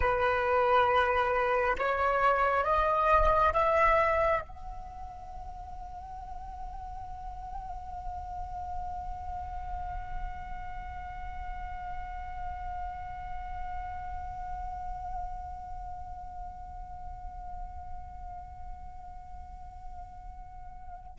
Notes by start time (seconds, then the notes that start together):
0.00 B4
1.78 C#5
2.64 D#5
3.53 E5
4.41 F#5